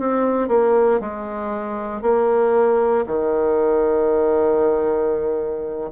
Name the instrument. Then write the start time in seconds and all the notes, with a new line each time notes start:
bassoon
0.00 C4
0.49 A#3
1.01 G#3
2.03 A#3
3.07 D#3